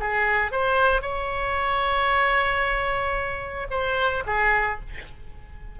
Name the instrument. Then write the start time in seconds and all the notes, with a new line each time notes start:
oboe
0.00 G#4
0.52 C5
1.02 C#5
3.71 C5
4.27 G#4